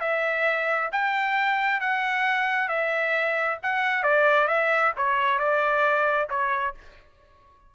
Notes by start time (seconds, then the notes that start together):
0.00 E5
0.92 G5
1.80 F#5
2.68 E5
3.63 F#5
4.03 D5
4.47 E5
4.96 C#5
5.39 D5
6.29 C#5